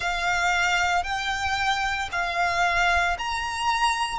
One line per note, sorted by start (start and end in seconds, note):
0.00 1.03 F5
1.03 2.09 G5
2.11 3.17 F5
3.18 4.18 A#5